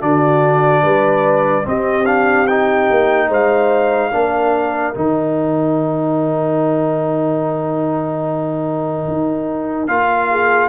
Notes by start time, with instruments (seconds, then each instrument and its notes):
0.00 tuba D3, trombone D4, horn F#4, trumpet D5
0.83 tuba G3, horn B4
1.63 trombone C4, tuba C4, horn G4, trumpet D#5
2.06 trombone D4, trumpet F5
2.47 trombone D#4, trumpet G5
2.90 tuba A#3
3.28 tuba G#3, horn C5, trumpet F5
4.11 tuba A#3, trombone D4, horn A#4
4.94 tuba D#3, trombone D#4, trumpet G5
9.07 tuba D#4
9.87 tuba A#3, trombone F4, trumpet F5
10.30 horn G#4